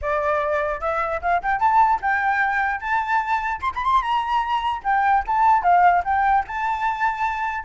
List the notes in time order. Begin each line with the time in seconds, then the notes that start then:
0.01 D5
0.80 E5
1.21 F5
1.42 G5
1.59 A5
2.01 G5
2.80 A5
3.61 C6
3.74 B5
3.84 C6
4.02 A#5
4.83 G5
5.26 A5
5.62 F5
6.04 G5
6.47 A5